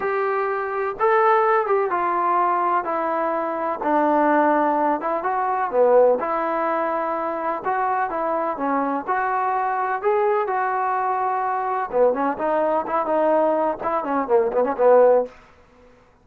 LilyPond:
\new Staff \with { instrumentName = "trombone" } { \time 4/4 \tempo 4 = 126 g'2 a'4. g'8 | f'2 e'2 | d'2~ d'8 e'8 fis'4 | b4 e'2. |
fis'4 e'4 cis'4 fis'4~ | fis'4 gis'4 fis'2~ | fis'4 b8 cis'8 dis'4 e'8 dis'8~ | dis'4 e'8 cis'8 ais8 b16 cis'16 b4 | }